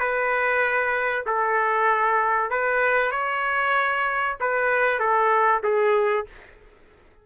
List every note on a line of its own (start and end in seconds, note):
0.00 1.25 B4
1.26 2.51 A4
2.51 3.12 B4
3.12 4.37 C#5
4.40 4.99 B4
4.99 5.62 A4
5.64 6.26 G#4